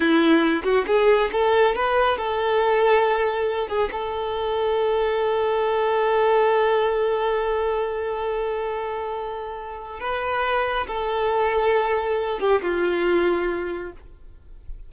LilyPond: \new Staff \with { instrumentName = "violin" } { \time 4/4 \tempo 4 = 138 e'4. fis'8 gis'4 a'4 | b'4 a'2.~ | a'8 gis'8 a'2.~ | a'1~ |
a'1~ | a'2. b'4~ | b'4 a'2.~ | a'8 g'8 f'2. | }